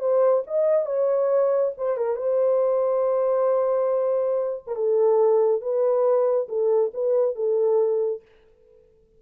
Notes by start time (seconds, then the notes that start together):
0.00 C5
0.47 D#5
0.86 C#5
1.78 C5
1.97 A#4
2.16 C5
4.67 A#4
4.76 A4
5.62 B4
6.49 A4
6.94 B4
7.36 A4